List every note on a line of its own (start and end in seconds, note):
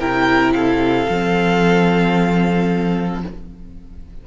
0.00 1.07 C3
0.00 1.07 E4
0.00 0.54 A#4
0.00 0.53 G5
0.53 3.24 A4
0.53 3.21 F5
1.10 3.24 F3
1.10 3.27 C4